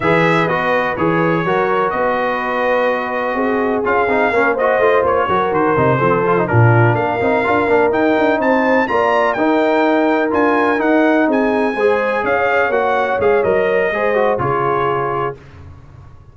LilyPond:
<<
  \new Staff \with { instrumentName = "trumpet" } { \time 4/4 \tempo 4 = 125 e''4 dis''4 cis''2 | dis''1 | f''4. dis''4 cis''4 c''8~ | c''4. ais'4 f''4.~ |
f''8 g''4 a''4 ais''4 g''8~ | g''4. gis''4 fis''4 gis''8~ | gis''4. f''4 fis''4 f''8 | dis''2 cis''2 | }
  \new Staff \with { instrumentName = "horn" } { \time 4/4 b'2. ais'4 | b'2. gis'4~ | gis'4 ais'8 c''4. ais'4~ | ais'8 a'4 f'4 ais'4.~ |
ais'4. c''4 d''4 ais'8~ | ais'2.~ ais'8 gis'8~ | gis'8 c''4 cis''2~ cis''8~ | cis''4 c''4 gis'2 | }
  \new Staff \with { instrumentName = "trombone" } { \time 4/4 gis'4 fis'4 gis'4 fis'4~ | fis'1 | f'8 dis'8 cis'8 fis'8 f'4 fis'4 | dis'8 c'8 f'16 dis'16 d'4. dis'8 f'8 |
d'8 dis'2 f'4 dis'8~ | dis'4. f'4 dis'4.~ | dis'8 gis'2 fis'4 gis'8 | ais'4 gis'8 fis'8 f'2 | }
  \new Staff \with { instrumentName = "tuba" } { \time 4/4 e4 b4 e4 fis4 | b2. c'4 | cis'8 c'8 ais4 a8 ais8 fis8 dis8 | c8 f4 ais,4 ais8 c'8 d'8 |
ais8 dis'8 d'8 c'4 ais4 dis'8~ | dis'4. d'4 dis'4 c'8~ | c'8 gis4 cis'4 ais4 gis8 | fis4 gis4 cis2 | }
>>